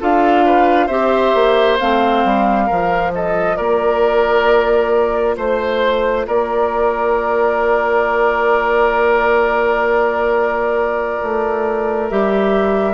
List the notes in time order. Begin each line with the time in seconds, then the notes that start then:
0.00 D4 F4 A4 F5
0.46 B4
0.86 C4 G4 C5 E5
1.34 A#3
1.79 A3 C4 F5
2.25 G3
2.66 F3 F4 A#4
3.14 A4 D#5
3.57 A#3 A#4 D5
5.37 A3 C5
6.27 A#3 A#4 D5
11.22 A3
12.09 G3 G4 E5